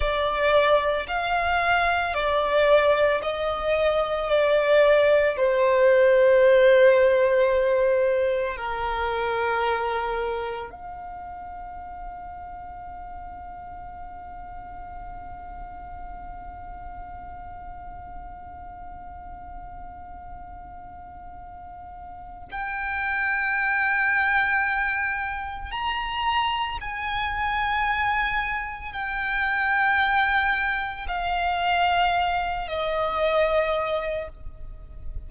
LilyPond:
\new Staff \with { instrumentName = "violin" } { \time 4/4 \tempo 4 = 56 d''4 f''4 d''4 dis''4 | d''4 c''2. | ais'2 f''2~ | f''1~ |
f''1~ | f''4 g''2. | ais''4 gis''2 g''4~ | g''4 f''4. dis''4. | }